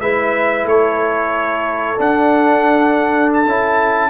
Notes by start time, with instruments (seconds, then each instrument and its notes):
0.00 tuba G#3, trombone E4, horn B4, trumpet E5
0.65 tuba A3, trumpet C#5
0.71 horn A4
1.98 trombone D4, tuba D4, trumpet F#5
3.33 trumpet A5
3.46 tuba C#4, trombone E4